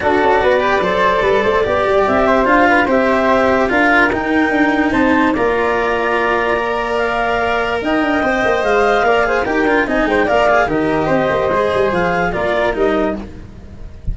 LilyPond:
<<
  \new Staff \with { instrumentName = "clarinet" } { \time 4/4 \tempo 4 = 146 d''1~ | d''4 e''4 f''4 e''4~ | e''4 f''4 g''2 | a''4 ais''2.~ |
ais''4 f''2 g''4~ | g''4 f''2 g''4 | gis''8 g''8 f''4 dis''2~ | dis''4 f''4 d''4 dis''4 | }
  \new Staff \with { instrumentName = "flute" } { \time 4/4 a'4 b'4 c''4 b'8 c''8 | d''4. c''4 b'8 c''4~ | c''4 ais'2. | c''4 d''2.~ |
d''2. dis''4~ | dis''2 d''8 c''8 ais'4 | dis''8 c''8 d''4 ais'4 c''4~ | c''2 ais'2 | }
  \new Staff \with { instrumentName = "cello" } { \time 4/4 fis'4. g'8 a'2 | g'2 f'4 g'4~ | g'4 f'4 dis'2~ | dis'4 f'2. |
ais'1 | c''2 ais'8 gis'8 g'8 f'8 | dis'4 ais'8 gis'8 g'2 | gis'2 f'4 dis'4 | }
  \new Staff \with { instrumentName = "tuba" } { \time 4/4 d'8 cis'8 b4 fis4 g8 a8 | b8 g8 c'4 d'4 c'4~ | c'4 d'4 dis'4 d'4 | c'4 ais2.~ |
ais2. dis'8 d'8 | c'8 ais8 gis4 ais4 dis'8 d'8 | c'8 gis8 ais4 dis4 c'8 ais8 | gis8 g8 f4 ais4 g4 | }
>>